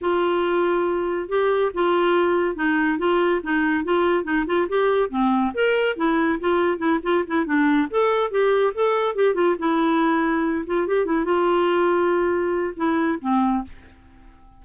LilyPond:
\new Staff \with { instrumentName = "clarinet" } { \time 4/4 \tempo 4 = 141 f'2. g'4 | f'2 dis'4 f'4 | dis'4 f'4 dis'8 f'8 g'4 | c'4 ais'4 e'4 f'4 |
e'8 f'8 e'8 d'4 a'4 g'8~ | g'8 a'4 g'8 f'8 e'4.~ | e'4 f'8 g'8 e'8 f'4.~ | f'2 e'4 c'4 | }